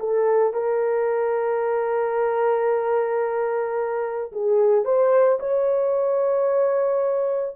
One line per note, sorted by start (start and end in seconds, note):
0.00 0.54 A4
0.54 4.32 A#4
4.33 4.85 G#4
4.85 5.39 C5
5.40 7.56 C#5